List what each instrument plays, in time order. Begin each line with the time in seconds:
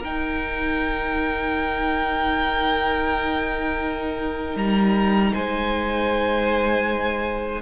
0.00 cello D#4, viola D#4, violin A#4 G5
4.56 cello G3, violin A#5
5.34 cello G#3, violin C5 G#5